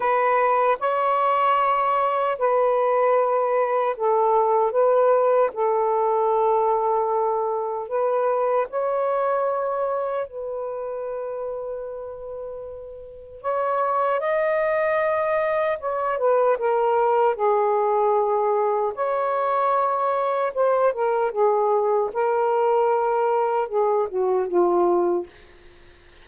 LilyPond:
\new Staff \with { instrumentName = "saxophone" } { \time 4/4 \tempo 4 = 76 b'4 cis''2 b'4~ | b'4 a'4 b'4 a'4~ | a'2 b'4 cis''4~ | cis''4 b'2.~ |
b'4 cis''4 dis''2 | cis''8 b'8 ais'4 gis'2 | cis''2 c''8 ais'8 gis'4 | ais'2 gis'8 fis'8 f'4 | }